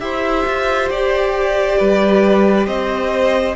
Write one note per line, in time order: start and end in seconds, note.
0.00 0.45 E4
0.00 3.53 G4
0.00 1.79 C5
0.00 0.89 E5
0.47 0.91 F4
0.91 1.79 G4
0.91 2.67 D5
1.79 2.67 G3
1.79 2.67 B4
2.67 3.55 C4
2.67 3.56 C5
2.67 3.55 D#5